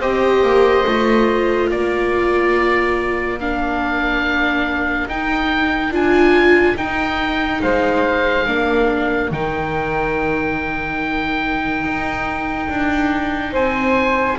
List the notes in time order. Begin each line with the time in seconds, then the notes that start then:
0.00 C4 G4 C5 D#5
0.42 A#3
0.86 A3 F4
1.69 A#3 A#4 D5
3.40 D4 F5
5.06 D#4 G5
5.90 D4 F4 G#5
6.76 D#4 G5
7.62 G#3 C5 F5
8.46 A#3 D4 A#4
9.31 D#3 D#4 G5
11.84 D#4
12.69 D4
13.52 C4 C5 G#5